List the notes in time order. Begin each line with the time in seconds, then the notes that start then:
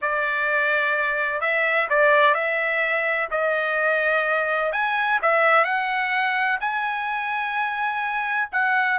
0.01 D5
1.40 E5
1.89 D5
2.34 E5
3.30 D#5
4.72 G#5
5.22 E5
5.64 F#5
6.60 G#5
8.52 F#5